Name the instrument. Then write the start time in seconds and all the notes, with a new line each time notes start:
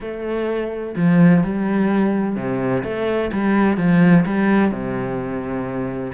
cello
0.00 A3
0.96 F3
1.43 G3
2.36 C3
2.83 A3
3.32 G3
3.77 F3
4.25 G3
4.71 C3